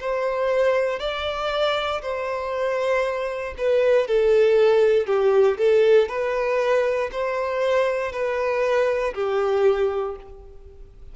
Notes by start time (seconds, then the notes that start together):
0.00 C5
0.99 D5
2.02 C5
3.58 B4
4.07 A4
5.07 G4
5.58 A4
6.08 B4
7.12 C5
8.12 B4
9.14 G4